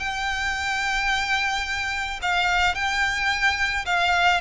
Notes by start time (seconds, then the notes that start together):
0.00 G5
2.22 F5
2.75 G5
3.86 F5